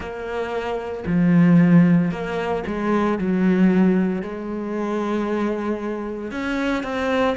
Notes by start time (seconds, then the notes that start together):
0.00 A#3
1.06 F3
2.11 A#3
2.66 G#3
3.18 F#3
4.22 G#3
6.31 C#4
6.83 C4